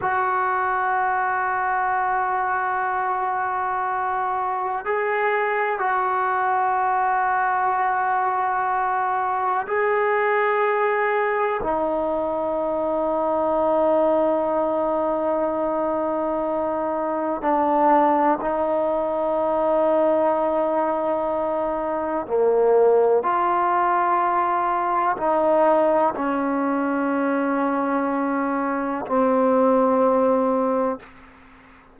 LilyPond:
\new Staff \with { instrumentName = "trombone" } { \time 4/4 \tempo 4 = 62 fis'1~ | fis'4 gis'4 fis'2~ | fis'2 gis'2 | dis'1~ |
dis'2 d'4 dis'4~ | dis'2. ais4 | f'2 dis'4 cis'4~ | cis'2 c'2 | }